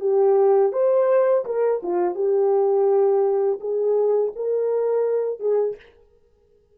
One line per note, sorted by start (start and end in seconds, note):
0.00 0.72 G4
0.72 1.45 C5
1.45 1.81 A#4
1.83 2.15 F4
2.15 3.59 G4
3.60 4.33 G#4
4.35 5.40 A#4
5.40 5.76 G#4